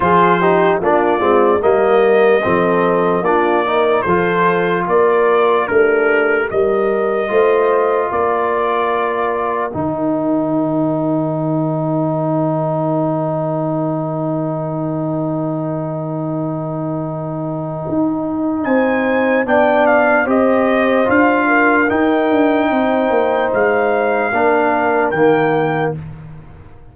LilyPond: <<
  \new Staff \with { instrumentName = "trumpet" } { \time 4/4 \tempo 4 = 74 c''4 d''4 dis''2 | d''4 c''4 d''4 ais'4 | dis''2 d''2 | g''1~ |
g''1~ | g''2. gis''4 | g''8 f''8 dis''4 f''4 g''4~ | g''4 f''2 g''4 | }
  \new Staff \with { instrumentName = "horn" } { \time 4/4 gis'8 g'8 f'4 ais'4 a'4 | f'8 ais'8 a'4 ais'4 d'4 | ais'4 c''4 ais'2~ | ais'1~ |
ais'1~ | ais'2. c''4 | d''4 c''4. ais'4. | c''2 ais'2 | }
  \new Staff \with { instrumentName = "trombone" } { \time 4/4 f'8 dis'8 d'8 c'8 ais4 c'4 | d'8 dis'8 f'2 g'4~ | g'4 f'2. | dis'1~ |
dis'1~ | dis'1 | d'4 g'4 f'4 dis'4~ | dis'2 d'4 ais4 | }
  \new Staff \with { instrumentName = "tuba" } { \time 4/4 f4 ais8 gis8 g4 f4 | ais4 f4 ais4 a4 | g4 a4 ais2 | dis1~ |
dis1~ | dis2 dis'4 c'4 | b4 c'4 d'4 dis'8 d'8 | c'8 ais8 gis4 ais4 dis4 | }
>>